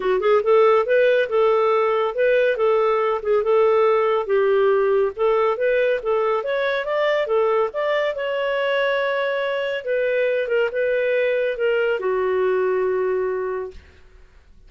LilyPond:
\new Staff \with { instrumentName = "clarinet" } { \time 4/4 \tempo 4 = 140 fis'8 gis'8 a'4 b'4 a'4~ | a'4 b'4 a'4. gis'8 | a'2 g'2 | a'4 b'4 a'4 cis''4 |
d''4 a'4 d''4 cis''4~ | cis''2. b'4~ | b'8 ais'8 b'2 ais'4 | fis'1 | }